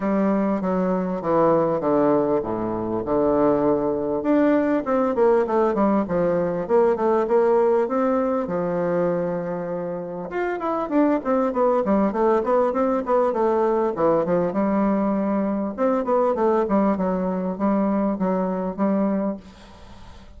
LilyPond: \new Staff \with { instrumentName = "bassoon" } { \time 4/4 \tempo 4 = 99 g4 fis4 e4 d4 | a,4 d2 d'4 | c'8 ais8 a8 g8 f4 ais8 a8 | ais4 c'4 f2~ |
f4 f'8 e'8 d'8 c'8 b8 g8 | a8 b8 c'8 b8 a4 e8 f8 | g2 c'8 b8 a8 g8 | fis4 g4 fis4 g4 | }